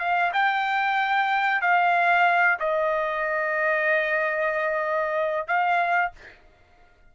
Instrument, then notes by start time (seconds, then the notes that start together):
trumpet
0.00 F5
0.33 G5
1.62 F5
2.60 D#5
5.48 F5